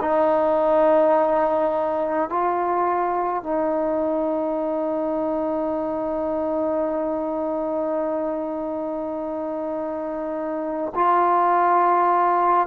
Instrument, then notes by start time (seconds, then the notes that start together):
trombone
0.00 D#4
2.29 F4
3.43 D#4
10.95 F4